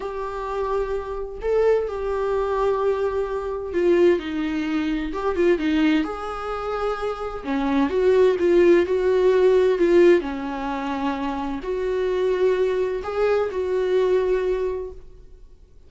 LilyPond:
\new Staff \with { instrumentName = "viola" } { \time 4/4 \tempo 4 = 129 g'2. a'4 | g'1 | f'4 dis'2 g'8 f'8 | dis'4 gis'2. |
cis'4 fis'4 f'4 fis'4~ | fis'4 f'4 cis'2~ | cis'4 fis'2. | gis'4 fis'2. | }